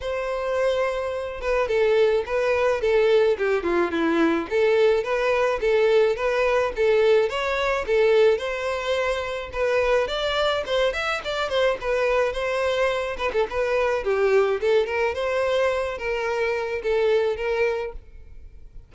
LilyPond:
\new Staff \with { instrumentName = "violin" } { \time 4/4 \tempo 4 = 107 c''2~ c''8 b'8 a'4 | b'4 a'4 g'8 f'8 e'4 | a'4 b'4 a'4 b'4 | a'4 cis''4 a'4 c''4~ |
c''4 b'4 d''4 c''8 e''8 | d''8 c''8 b'4 c''4. b'16 a'16 | b'4 g'4 a'8 ais'8 c''4~ | c''8 ais'4. a'4 ais'4 | }